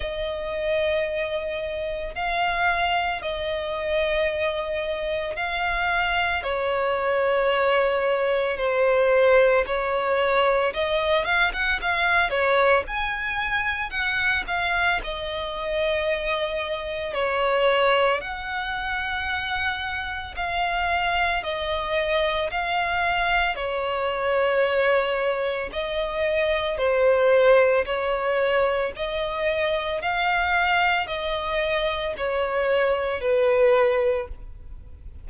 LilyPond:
\new Staff \with { instrumentName = "violin" } { \time 4/4 \tempo 4 = 56 dis''2 f''4 dis''4~ | dis''4 f''4 cis''2 | c''4 cis''4 dis''8 f''16 fis''16 f''8 cis''8 | gis''4 fis''8 f''8 dis''2 |
cis''4 fis''2 f''4 | dis''4 f''4 cis''2 | dis''4 c''4 cis''4 dis''4 | f''4 dis''4 cis''4 b'4 | }